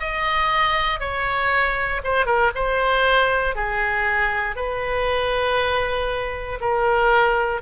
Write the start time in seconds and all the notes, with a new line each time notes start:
0.00 D#5
1.00 C#5
2.04 C5
2.26 A#4
2.56 C5
3.56 G#4
4.56 B4
6.61 A#4